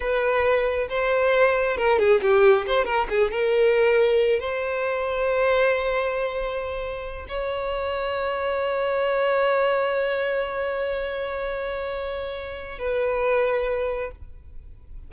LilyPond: \new Staff \with { instrumentName = "violin" } { \time 4/4 \tempo 4 = 136 b'2 c''2 | ais'8 gis'8 g'4 c''8 ais'8 gis'8 ais'8~ | ais'2 c''2~ | c''1~ |
c''8 cis''2.~ cis''8~ | cis''1~ | cis''1~ | cis''4 b'2. | }